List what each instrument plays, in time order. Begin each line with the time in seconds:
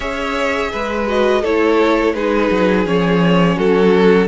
0.00 cello C#4, viola G#4, violin C#5 E5
0.72 cello G#3, violin B4
1.07 viola F#4, violin D#5
1.41 cello A3, viola E4, violin A4 C#5
2.14 cello G#3, viola D#4, violin G#4 B4
2.50 cello F#3
2.85 cello F3, viola C#4, violin C#5
3.56 cello F#3, violin F#4 A4